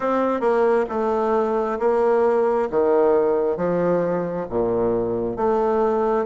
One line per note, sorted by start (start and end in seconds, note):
0.00 0.40 C4
0.40 0.85 A#3
0.89 1.78 A3
1.79 2.68 A#3
2.70 3.57 D#3
3.57 4.46 F3
4.49 5.36 A#2
5.36 6.25 A3